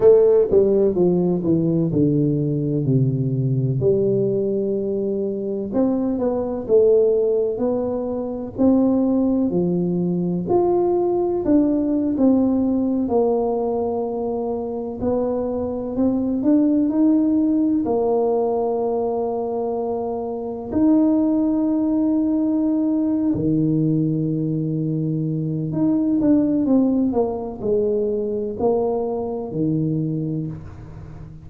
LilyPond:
\new Staff \with { instrumentName = "tuba" } { \time 4/4 \tempo 4 = 63 a8 g8 f8 e8 d4 c4 | g2 c'8 b8 a4 | b4 c'4 f4 f'4 | d'8. c'4 ais2 b16~ |
b8. c'8 d'8 dis'4 ais4~ ais16~ | ais4.~ ais16 dis'2~ dis'16~ | dis'8 dis2~ dis8 dis'8 d'8 | c'8 ais8 gis4 ais4 dis4 | }